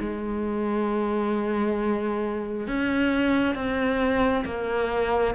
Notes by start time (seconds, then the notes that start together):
0.00 G#3
2.67 C#4
3.55 C4
4.45 A#3